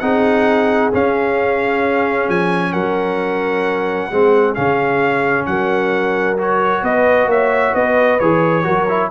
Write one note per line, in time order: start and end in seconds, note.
0.00 0.92 C4
0.00 0.92 D#4
0.00 2.72 G#4
0.00 0.91 F#5
0.93 4.11 C#4
0.93 2.29 C#4
0.93 2.30 F5
2.29 2.74 F3
2.29 2.73 G#5
2.72 4.10 F#3
2.72 4.09 A#4
2.72 4.54 F#5
4.11 4.57 G#3
4.11 4.56 C4
4.11 5.48 G#4
4.55 5.47 C#3
4.55 6.38 C#4
4.55 5.46 F5
5.46 6.83 F#3
5.46 6.84 A#4
5.46 6.37 F#5
6.38 8.20 F#4
6.38 6.84 C#5
6.83 7.26 B3
6.83 7.29 B4
6.83 7.30 D#5
7.26 7.72 A#3
7.26 7.75 C#5
7.26 7.75 E5
7.75 8.20 B3
7.75 8.64 B4
7.75 8.19 D#5
8.19 8.66 E3
8.19 8.64 G#4
8.19 9.10 C#5
8.64 9.11 F#3
8.64 8.86 F#4
8.64 9.10 A#4
8.89 9.11 E4